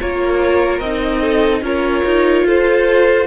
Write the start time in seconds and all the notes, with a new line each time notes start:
0.00 A#3 F4 A#4 C#5
0.79 C4 D#4 D#5
1.21 A4
1.61 C#4 F4 A#4 C#5
2.04 D#4
2.43 F4 A4 C5